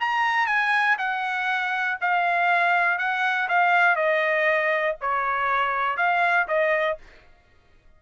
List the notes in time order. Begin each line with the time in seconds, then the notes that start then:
0.00 A#5
0.47 G#5
0.98 F#5
2.01 F5
2.98 F#5
3.49 F5
3.96 D#5
5.01 C#5
5.97 F5
6.47 D#5